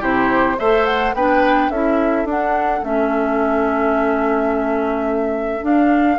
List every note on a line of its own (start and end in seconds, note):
0.00 0.58 C3
0.00 0.56 E4
0.00 0.57 G4
0.00 0.59 C5
0.59 1.14 A3
0.59 1.16 A4
0.59 1.15 C5
0.59 0.86 E5
0.86 1.14 F#5
1.14 1.70 B3
1.14 1.72 D4
1.14 1.72 B4
1.14 1.70 G5
1.70 2.25 C#4
1.70 2.28 E4
1.70 6.19 A4
1.70 2.27 E5
2.25 2.81 D4
2.25 2.82 D4
2.25 2.84 F#5
2.82 5.62 A3
2.82 5.62 C#4
2.82 5.65 E5
5.62 6.18 D4
5.62 6.19 F5